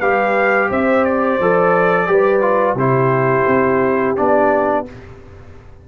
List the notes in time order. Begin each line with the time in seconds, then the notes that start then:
0.00 G3 G4 B4 F5
0.69 C4 C5 E5
1.04 D5
1.40 F3 A4
2.07 G3 G4 B4
2.42 F4
2.75 C3 E4 G4 C5
3.47 C4
4.17 B3 D4 D5